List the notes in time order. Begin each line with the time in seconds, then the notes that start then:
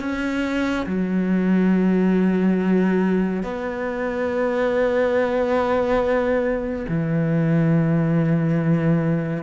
0.00 C#4
0.86 F#3
3.43 B3
6.88 E3